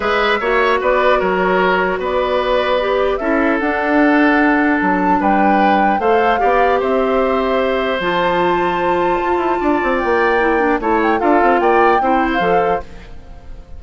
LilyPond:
<<
  \new Staff \with { instrumentName = "flute" } { \time 4/4 \tempo 4 = 150 e''2 d''4 cis''4~ | cis''4 d''2. | e''4 fis''2. | a''4 g''2 f''4~ |
f''4 e''2. | a''1~ | a''4 g''2 a''8 g''8 | f''4 g''4.~ g''16 f''4~ f''16 | }
  \new Staff \with { instrumentName = "oboe" } { \time 4/4 b'4 cis''4 b'4 ais'4~ | ais'4 b'2. | a'1~ | a'4 b'2 c''4 |
d''4 c''2.~ | c''1 | d''2. cis''4 | a'4 d''4 c''2 | }
  \new Staff \with { instrumentName = "clarinet" } { \time 4/4 gis'4 fis'2.~ | fis'2. g'4 | e'4 d'2.~ | d'2. a'4 |
g'1 | f'1~ | f'2 e'8 d'8 e'4 | f'2 e'4 a'4 | }
  \new Staff \with { instrumentName = "bassoon" } { \time 4/4 gis4 ais4 b4 fis4~ | fis4 b2. | cis'4 d'2. | fis4 g2 a4 |
b4 c'2. | f2. f'8 e'8 | d'8 c'8 ais2 a4 | d'8 c'8 ais4 c'4 f4 | }
>>